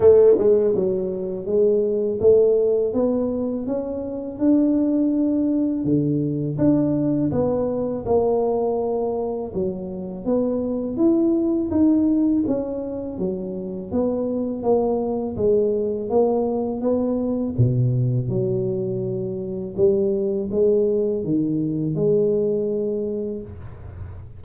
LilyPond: \new Staff \with { instrumentName = "tuba" } { \time 4/4 \tempo 4 = 82 a8 gis8 fis4 gis4 a4 | b4 cis'4 d'2 | d4 d'4 b4 ais4~ | ais4 fis4 b4 e'4 |
dis'4 cis'4 fis4 b4 | ais4 gis4 ais4 b4 | b,4 fis2 g4 | gis4 dis4 gis2 | }